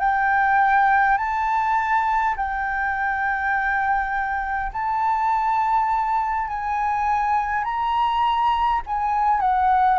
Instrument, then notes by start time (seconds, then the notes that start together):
flute
0.00 G5
1.18 A5
2.37 G5
4.73 A5
6.48 G#5
7.64 A#5
8.87 G#5
9.41 F#5